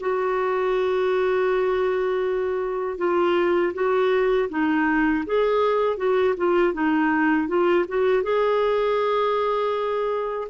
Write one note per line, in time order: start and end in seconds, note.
0.00 2.98 F#4
2.98 3.73 F4
3.74 4.49 F#4
4.49 5.24 D#4
5.26 5.97 G#4
5.97 6.34 F#4
6.37 6.73 F4
6.73 7.48 D#4
7.48 7.85 F4
7.88 8.23 F#4
8.23 10.48 G#4